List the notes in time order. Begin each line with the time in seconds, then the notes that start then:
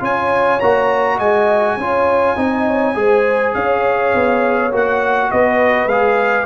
0.00 C#4 F4 C#5 G#5
0.60 A#3 F#4 A#5
1.16 G#3 D#5 G#5
1.77 C#4 F4 C#5
2.36 C4 D#4 D#5
2.66 C#5
2.94 G#3 G#4 C5
3.54 C#4 C#5 F5
4.14 B3
4.71 A#3 F#4 F#5
5.31 B3 B4 D#5
5.86 G#3 G#4 F5